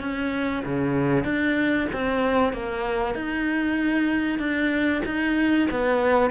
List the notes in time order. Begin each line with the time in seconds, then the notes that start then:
0.00 C#4
0.65 C#3
1.24 D4
1.92 C4
2.53 A#3
3.14 D#4
4.39 D4
5.05 D#4
5.70 B3